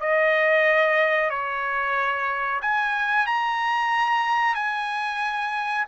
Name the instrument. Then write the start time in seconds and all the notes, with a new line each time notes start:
trumpet
0.00 D#5
1.30 C#5
2.61 G#5
3.26 A#5
4.55 G#5